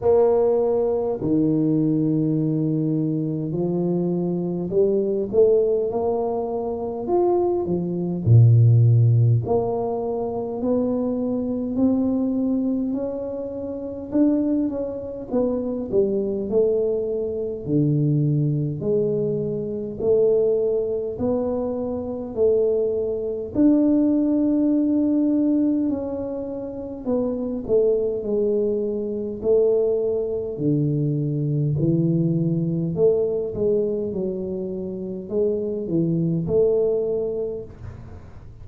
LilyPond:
\new Staff \with { instrumentName = "tuba" } { \time 4/4 \tempo 4 = 51 ais4 dis2 f4 | g8 a8 ais4 f'8 f8 ais,4 | ais4 b4 c'4 cis'4 | d'8 cis'8 b8 g8 a4 d4 |
gis4 a4 b4 a4 | d'2 cis'4 b8 a8 | gis4 a4 d4 e4 | a8 gis8 fis4 gis8 e8 a4 | }